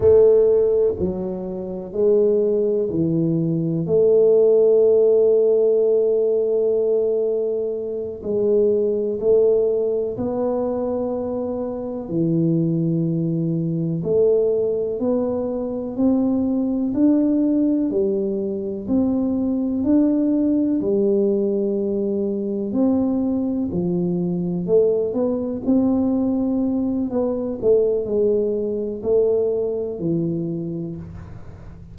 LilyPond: \new Staff \with { instrumentName = "tuba" } { \time 4/4 \tempo 4 = 62 a4 fis4 gis4 e4 | a1~ | a8 gis4 a4 b4.~ | b8 e2 a4 b8~ |
b8 c'4 d'4 g4 c'8~ | c'8 d'4 g2 c'8~ | c'8 f4 a8 b8 c'4. | b8 a8 gis4 a4 e4 | }